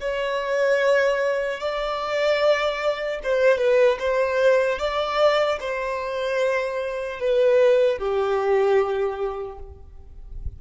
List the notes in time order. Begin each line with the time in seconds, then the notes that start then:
0.00 C#5
1.60 D5
3.23 C5
3.58 B4
3.99 C5
4.79 D5
5.60 C5
7.20 B4
7.98 G4